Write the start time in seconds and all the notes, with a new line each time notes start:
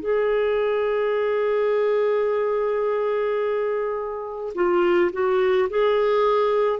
0.00 G#4
4.54 F4
5.12 F#4
5.69 G#4